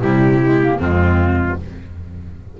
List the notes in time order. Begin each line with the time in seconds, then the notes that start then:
0.00 C3 G3 E4 G4
0.42 G#3
0.62 A#3
0.77 F2 G#3 C4 F4